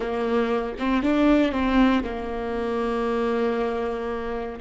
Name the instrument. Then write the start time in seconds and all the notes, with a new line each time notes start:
viola
0.00 A#3
0.78 C4
1.03 D4
1.52 C4
2.03 A#3